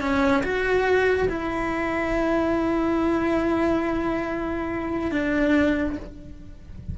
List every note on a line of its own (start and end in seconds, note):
0.00 0.43 C#4
0.43 1.28 F#4
1.28 5.11 E4
5.11 5.96 D4